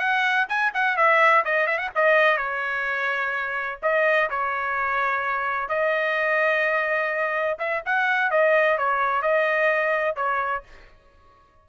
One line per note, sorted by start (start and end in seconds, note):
0.00 0.47 F#5
0.49 0.73 G#5
0.74 0.97 F#5
0.97 1.45 E5
1.45 1.68 D#5
1.68 1.78 E5
1.78 1.90 F#5
1.96 2.38 D#5
2.38 3.79 C#5
3.83 4.30 D#5
4.31 5.69 C#5
5.69 7.58 D#5
7.59 7.83 E5
7.86 8.31 F#5
8.31 8.78 D#5
8.79 9.23 C#5
9.23 10.17 D#5
10.17 10.64 C#5